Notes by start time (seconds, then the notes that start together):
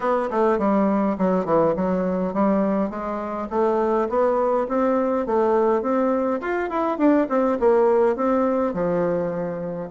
0.00 B3
0.30 A3
0.58 G3
1.18 F#3
1.45 E3
1.76 F#3
2.33 G3
2.89 G#3
3.50 A3
4.09 B3
4.68 C4
5.26 A3
5.81 C4
6.41 F4
6.69 E4
6.98 D4
7.29 C4
7.59 A#3
8.16 C4
8.73 F3